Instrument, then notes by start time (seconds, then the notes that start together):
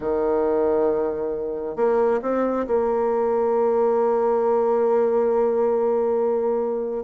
bassoon
0.00 D#3
1.76 A#3
2.22 C4
2.66 A#3